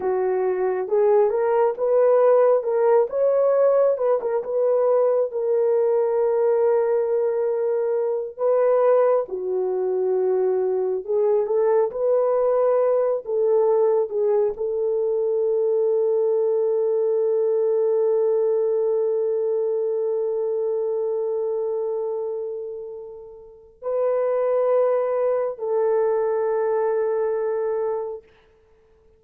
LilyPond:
\new Staff \with { instrumentName = "horn" } { \time 4/4 \tempo 4 = 68 fis'4 gis'8 ais'8 b'4 ais'8 cis''8~ | cis''8 b'16 ais'16 b'4 ais'2~ | ais'4. b'4 fis'4.~ | fis'8 gis'8 a'8 b'4. a'4 |
gis'8 a'2.~ a'8~ | a'1~ | a'2. b'4~ | b'4 a'2. | }